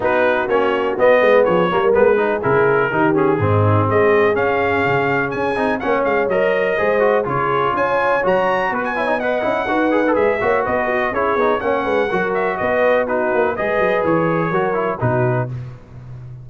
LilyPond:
<<
  \new Staff \with { instrumentName = "trumpet" } { \time 4/4 \tempo 4 = 124 b'4 cis''4 dis''4 cis''4 | b'4 ais'4. gis'4. | dis''4 f''2 gis''4 | fis''8 f''8 dis''2 cis''4 |
gis''4 ais''4 b'16 gis''8. fis''4~ | fis''4 e''4 dis''4 cis''4 | fis''4. e''8 dis''4 b'4 | dis''4 cis''2 b'4 | }
  \new Staff \with { instrumentName = "horn" } { \time 4/4 fis'2~ fis'8 b'8 gis'8 ais'8~ | ais'8 gis'4. g'4 dis'4 | gis'1 | cis''2 c''4 gis'4 |
cis''2 b'8 cis''8 dis''4 | b'4. cis''8 b'8 fis'8 gis'4 | cis''8 b'8 ais'4 b'4 fis'4 | b'2 ais'4 fis'4 | }
  \new Staff \with { instrumentName = "trombone" } { \time 4/4 dis'4 cis'4 b4. ais8 | b8 dis'8 e'4 dis'8 cis'8 c'4~ | c'4 cis'2~ cis'8 dis'8 | cis'4 ais'4 gis'8 fis'8 f'4~ |
f'4 fis'4. e'16 dis'16 b'8 e'8 | fis'8 gis'16 a'16 gis'8 fis'4. e'8 dis'8 | cis'4 fis'2 dis'4 | gis'2 fis'8 e'8 dis'4 | }
  \new Staff \with { instrumentName = "tuba" } { \time 4/4 b4 ais4 b8 gis8 f8 g8 | gis4 cis4 dis4 gis,4 | gis4 cis'4 cis4 cis'8 c'8 | ais8 gis8 fis4 gis4 cis4 |
cis'4 fis4 b4. cis'8 | dis'4 gis8 ais8 b4 cis'8 b8 | ais8 gis8 fis4 b4. ais8 | gis8 fis8 e4 fis4 b,4 | }
>>